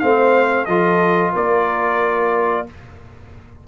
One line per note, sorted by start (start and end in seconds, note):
0.00 0.68 A3
0.00 0.68 C4
0.00 0.68 C5
0.00 0.66 F5
0.66 1.34 F3
0.66 2.67 F4
0.66 1.33 A4
0.66 1.32 D#5
1.33 2.68 A#3
1.33 2.65 A#4
1.33 2.68 D5